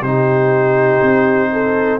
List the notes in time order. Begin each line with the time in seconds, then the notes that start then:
0.00 C3 D#4 G4 C5
1.02 C4
1.52 A4